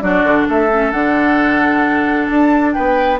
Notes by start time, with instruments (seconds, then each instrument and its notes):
0.00 bassoon F#3, clarinet D4, oboe F#4, flute D5
0.24 bassoon D3
0.48 bassoon A3, oboe A4, flute E5
0.71 clarinet C#4
0.91 bassoon D3, clarinet D4, flute F#5
2.27 bassoon D4, flute A5
2.73 bassoon B3, oboe B4, flute G5